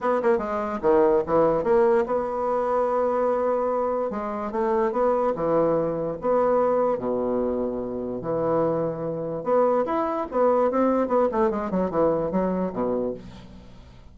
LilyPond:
\new Staff \with { instrumentName = "bassoon" } { \time 4/4 \tempo 4 = 146 b8 ais8 gis4 dis4 e4 | ais4 b2.~ | b2 gis4 a4 | b4 e2 b4~ |
b4 b,2. | e2. b4 | e'4 b4 c'4 b8 a8 | gis8 fis8 e4 fis4 b,4 | }